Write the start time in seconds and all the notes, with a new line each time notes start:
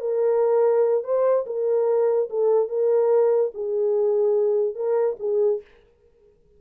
0.00 A#4
1.04 C5
1.46 A#4
2.30 A4
2.68 A#4
3.54 G#4
4.75 A#4
5.19 G#4